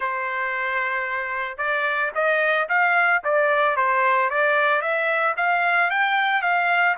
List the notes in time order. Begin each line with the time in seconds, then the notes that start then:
0.00 C5
1.57 D5
2.15 D#5
2.69 F5
3.24 D5
3.76 C5
4.30 D5
4.81 E5
5.36 F5
5.90 G5
6.42 F5